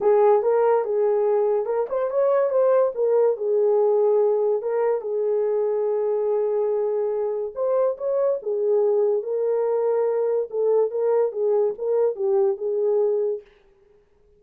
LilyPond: \new Staff \with { instrumentName = "horn" } { \time 4/4 \tempo 4 = 143 gis'4 ais'4 gis'2 | ais'8 c''8 cis''4 c''4 ais'4 | gis'2. ais'4 | gis'1~ |
gis'2 c''4 cis''4 | gis'2 ais'2~ | ais'4 a'4 ais'4 gis'4 | ais'4 g'4 gis'2 | }